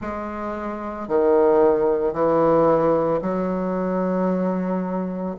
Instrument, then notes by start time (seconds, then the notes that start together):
bassoon
0.01 G#3
1.08 D#3
2.13 E3
3.21 F#3